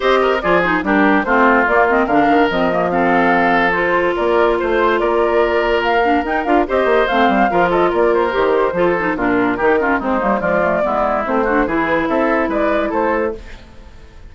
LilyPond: <<
  \new Staff \with { instrumentName = "flute" } { \time 4/4 \tempo 4 = 144 dis''4 d''8 c''8 ais'4 c''4 | d''8 dis''8 f''4 dis''4 f''4~ | f''4 c''4 d''4 c''4 | d''2 f''4 g''8 f''8 |
dis''4 f''4. dis''8 d''8 c''8~ | c''2 ais'2 | c''4 d''2 c''4 | b'4 e''4 d''4 c''4 | }
  \new Staff \with { instrumentName = "oboe" } { \time 4/4 c''8 ais'8 gis'4 g'4 f'4~ | f'4 ais'2 a'4~ | a'2 ais'4 c''4 | ais'1 |
c''2 ais'8 a'8 ais'4~ | ais'4 a'4 f'4 g'8 f'8 | dis'4 f'4 e'4. fis'8 | gis'4 a'4 b'4 a'4 | }
  \new Staff \with { instrumentName = "clarinet" } { \time 4/4 g'4 f'8 dis'8 d'4 c'4 | ais8 c'8 d'4 c'8 ais8 c'4~ | c'4 f'2.~ | f'2~ f'8 d'8 dis'8 f'8 |
g'4 c'4 f'2 | g'4 f'8 dis'8 d'4 dis'8 cis'8 | c'8 ais8 gis8 a8 b4 c'8 d'8 | e'1 | }
  \new Staff \with { instrumentName = "bassoon" } { \time 4/4 c'4 f4 g4 a4 | ais4 d8 dis8 f2~ | f2 ais4 a4 | ais2. dis'8 d'8 |
c'8 ais8 a8 g8 f4 ais4 | dis4 f4 ais,4 dis4 | gis8 g8 f4 gis4 a4 | e4 c'4 gis4 a4 | }
>>